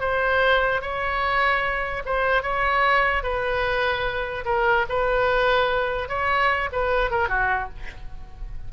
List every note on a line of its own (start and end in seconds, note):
0.00 0.81 C5
0.81 2.03 C#5
2.05 2.42 C5
2.42 3.23 C#5
3.23 4.44 B4
4.45 4.85 A#4
4.89 6.08 B4
6.08 6.69 C#5
6.72 7.10 B4
7.10 7.28 A#4
7.28 7.69 F#4